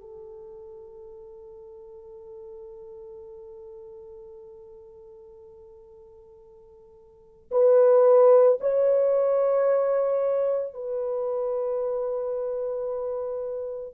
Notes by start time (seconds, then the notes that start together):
0.00 A4
7.51 B4
8.60 C#5
10.73 B4